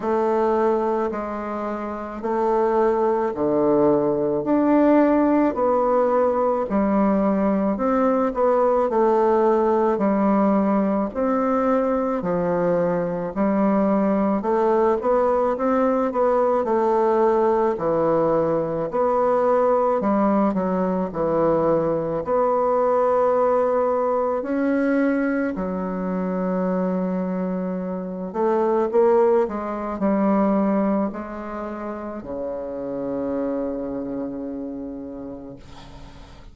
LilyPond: \new Staff \with { instrumentName = "bassoon" } { \time 4/4 \tempo 4 = 54 a4 gis4 a4 d4 | d'4 b4 g4 c'8 b8 | a4 g4 c'4 f4 | g4 a8 b8 c'8 b8 a4 |
e4 b4 g8 fis8 e4 | b2 cis'4 fis4~ | fis4. a8 ais8 gis8 g4 | gis4 cis2. | }